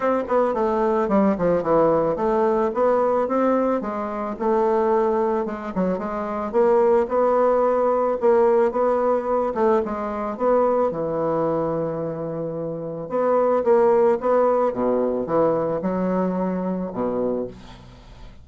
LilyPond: \new Staff \with { instrumentName = "bassoon" } { \time 4/4 \tempo 4 = 110 c'8 b8 a4 g8 f8 e4 | a4 b4 c'4 gis4 | a2 gis8 fis8 gis4 | ais4 b2 ais4 |
b4. a8 gis4 b4 | e1 | b4 ais4 b4 b,4 | e4 fis2 b,4 | }